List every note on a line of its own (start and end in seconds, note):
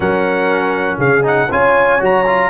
0.00 0.98 F#3
0.00 1.23 C#4
0.00 0.98 A#4
0.00 0.98 F#5
0.98 1.48 C#3
0.98 1.48 G#4
0.98 1.25 F5
1.23 1.48 D#4
1.23 1.52 F#5
1.51 2.01 C#4
1.51 1.99 F4
1.51 2.49 C#5
1.51 2.02 G#5
1.99 2.49 F#3
1.99 2.24 F#4
1.99 2.49 A#5
2.26 2.49 F4